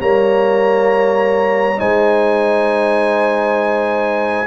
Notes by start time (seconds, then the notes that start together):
0.00 G3 A#3 C#5 A#5
1.76 G#3 D#4 C5 G#5